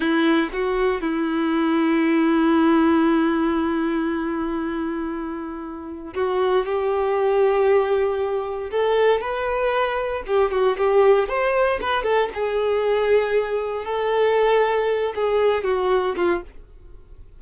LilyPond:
\new Staff \with { instrumentName = "violin" } { \time 4/4 \tempo 4 = 117 e'4 fis'4 e'2~ | e'1~ | e'1 | fis'4 g'2.~ |
g'4 a'4 b'2 | g'8 fis'8 g'4 c''4 b'8 a'8 | gis'2. a'4~ | a'4. gis'4 fis'4 f'8 | }